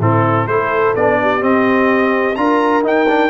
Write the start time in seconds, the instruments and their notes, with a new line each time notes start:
0.00 tuba A2, trombone C4, horn E4, trumpet A4
0.47 tuba A3, trombone E4, horn A4, trumpet C5
0.96 tuba B3, trombone D4, trumpet D5
1.22 horn G4
1.41 trombone C4, tuba C4, trumpet D#5
2.36 tuba D4, trombone F4, horn A#4, trumpet A#5
2.83 trombone D#4, tuba D#4, trumpet G5
3.08 trombone D4